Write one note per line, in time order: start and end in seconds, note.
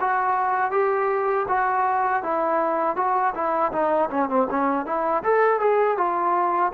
0.00 0.71 F#4
0.71 1.46 G4
1.48 2.23 F#4
2.23 2.96 E4
2.96 3.34 F#4
3.34 3.72 E4
3.72 4.09 D#4
4.10 4.29 C#4
4.29 4.47 C4
4.50 4.85 C#4
4.85 5.23 E4
5.23 5.60 A4
5.60 5.97 G#4
5.97 6.72 F4